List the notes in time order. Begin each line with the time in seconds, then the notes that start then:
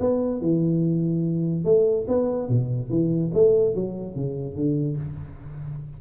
0.00 B3
0.41 E3
1.64 A3
2.08 B3
2.48 B2
2.90 E3
3.33 A3
3.74 F#3
4.15 C#3
4.55 D3